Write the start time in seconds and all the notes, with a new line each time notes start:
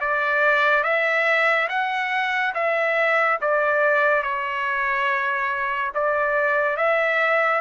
0.00 D5
0.83 E5
1.69 F#5
2.54 E5
3.41 D5
4.23 C#5
5.94 D5
6.76 E5